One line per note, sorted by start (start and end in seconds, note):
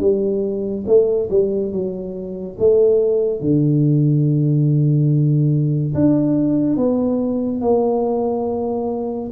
0.00 0.85 G3
0.87 1.29 A3
1.30 1.72 G3
1.72 2.57 F#3
2.59 3.40 A3
3.40 5.94 D3
5.95 6.77 D4
6.77 7.61 B3
7.61 9.30 A#3